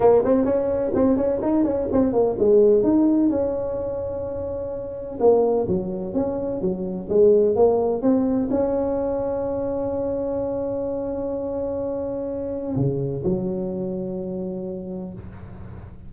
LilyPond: \new Staff \with { instrumentName = "tuba" } { \time 4/4 \tempo 4 = 127 ais8 c'8 cis'4 c'8 cis'8 dis'8 cis'8 | c'8 ais8 gis4 dis'4 cis'4~ | cis'2. ais4 | fis4 cis'4 fis4 gis4 |
ais4 c'4 cis'2~ | cis'1~ | cis'2. cis4 | fis1 | }